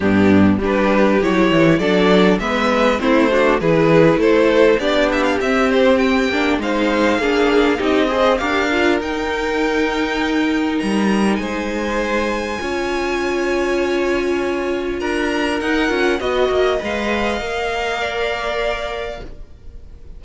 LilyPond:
<<
  \new Staff \with { instrumentName = "violin" } { \time 4/4 \tempo 4 = 100 g'4 b'4 cis''4 d''4 | e''4 c''4 b'4 c''4 | d''8 e''16 f''16 e''8 c''8 g''4 f''4~ | f''4 dis''4 f''4 g''4~ |
g''2 ais''4 gis''4~ | gis''1~ | gis''4 ais''4 fis''4 dis''4 | f''1 | }
  \new Staff \with { instrumentName = "violin" } { \time 4/4 d'4 g'2 a'4 | b'4 e'8 fis'8 gis'4 a'4 | g'2. c''4 | gis'4 g'8 c''8 ais'2~ |
ais'2. c''4~ | c''4 cis''2.~ | cis''4 ais'2 dis''4~ | dis''2 d''2 | }
  \new Staff \with { instrumentName = "viola" } { \time 4/4 b4 d'4 e'4 d'4 | b4 c'8 d'8 e'2 | d'4 c'4. d'8 dis'4 | d'4 dis'8 gis'8 g'8 f'8 dis'4~ |
dis'1~ | dis'4 f'2.~ | f'2 dis'8 f'8 fis'4 | b'4 ais'2. | }
  \new Staff \with { instrumentName = "cello" } { \time 4/4 g,4 g4 fis8 e8 fis4 | gis4 a4 e4 a4 | b4 c'4. ais8 gis4 | ais4 c'4 d'4 dis'4~ |
dis'2 g4 gis4~ | gis4 cis'2.~ | cis'4 d'4 dis'8 cis'8 b8 ais8 | gis4 ais2. | }
>>